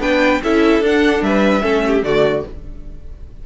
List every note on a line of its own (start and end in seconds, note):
0.00 0.41 B3
0.00 0.41 D4
0.00 0.42 B4
0.00 0.42 G5
0.43 0.80 C#4
0.43 0.84 E4
0.43 1.25 A4
0.43 0.84 E5
0.80 1.21 D4
0.80 1.62 D4
0.80 1.23 F#5
1.22 1.62 G3
1.22 1.63 B4
1.22 2.04 E5
1.62 2.03 A3
1.62 2.03 C#4
1.62 1.83 A4
1.87 2.06 G4
2.03 2.43 D3
2.03 2.45 A3
2.03 2.46 F#4
2.03 2.44 D5